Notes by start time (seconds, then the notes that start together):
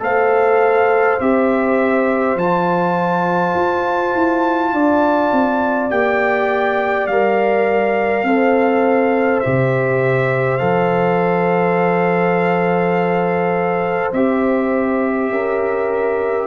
0.00 A3 A4 C5 F5
1.20 C4 G4 E5
2.36 F3 F4 A5
3.55 F4
4.15 E4
4.73 D4 D5
5.32 C4
5.91 A#3 G4 G5
7.07 G3 A#4 F5
8.24 C4 A4 C5
9.40 C3 G4 E5
10.58 F3 A4 F5
14.13 C4 G4 E5
15.30 C#4 A#4